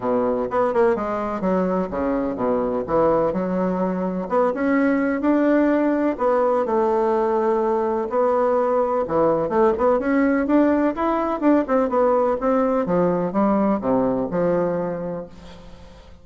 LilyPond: \new Staff \with { instrumentName = "bassoon" } { \time 4/4 \tempo 4 = 126 b,4 b8 ais8 gis4 fis4 | cis4 b,4 e4 fis4~ | fis4 b8 cis'4. d'4~ | d'4 b4 a2~ |
a4 b2 e4 | a8 b8 cis'4 d'4 e'4 | d'8 c'8 b4 c'4 f4 | g4 c4 f2 | }